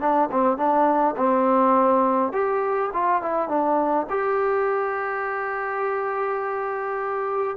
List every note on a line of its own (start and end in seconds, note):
0.00 0.29 D4
0.31 0.57 C4
0.57 1.15 D4
1.17 2.32 C4
2.32 2.90 G4
2.93 3.22 F4
3.22 3.48 E4
3.48 4.06 D4
4.10 7.56 G4